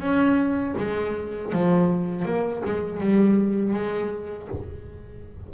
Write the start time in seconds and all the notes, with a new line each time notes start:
0.00 C#4
0.78 G#3
1.53 F3
2.25 A#3
2.65 G#3
3.01 G3
3.74 G#3